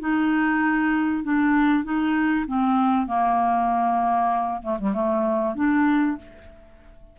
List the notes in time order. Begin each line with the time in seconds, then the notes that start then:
0.00 D#4
1.24 D4
1.84 D#4
2.47 C4
3.07 A#3
4.63 A3
4.79 G3
4.93 A3
5.55 D4